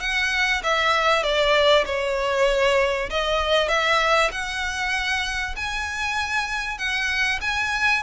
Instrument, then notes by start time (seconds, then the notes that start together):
violin
0.00 F#5
0.63 E5
1.23 D5
1.86 C#5
3.10 D#5
3.68 E5
4.31 F#5
5.56 G#5
6.78 F#5
7.41 G#5